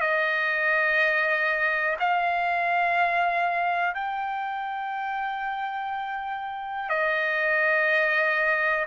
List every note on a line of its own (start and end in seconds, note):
0.00 1.97 D#5
1.99 3.94 F5
3.94 6.89 G5
6.89 8.86 D#5